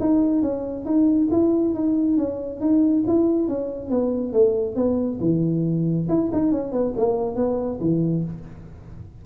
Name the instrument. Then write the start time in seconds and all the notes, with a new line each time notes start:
tuba
0.00 D#4
0.42 C#4
0.85 D#4
1.31 E4
1.75 D#4
2.17 C#4
2.61 D#4
3.08 E4
3.48 C#4
3.90 B3
4.33 A3
4.76 B3
5.21 E3
6.09 E4
6.33 D#4
6.52 C#4
6.72 B3
6.97 A#3
7.36 B3
7.80 E3